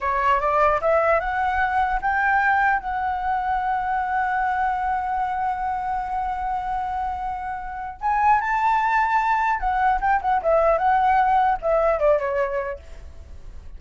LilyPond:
\new Staff \with { instrumentName = "flute" } { \time 4/4 \tempo 4 = 150 cis''4 d''4 e''4 fis''4~ | fis''4 g''2 fis''4~ | fis''1~ | fis''1~ |
fis''1 | gis''4 a''2. | fis''4 g''8 fis''8 e''4 fis''4~ | fis''4 e''4 d''8 cis''4. | }